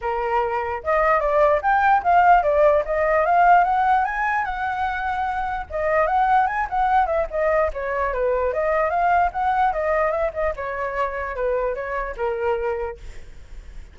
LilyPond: \new Staff \with { instrumentName = "flute" } { \time 4/4 \tempo 4 = 148 ais'2 dis''4 d''4 | g''4 f''4 d''4 dis''4 | f''4 fis''4 gis''4 fis''4~ | fis''2 dis''4 fis''4 |
gis''8 fis''4 e''8 dis''4 cis''4 | b'4 dis''4 f''4 fis''4 | dis''4 e''8 dis''8 cis''2 | b'4 cis''4 ais'2 | }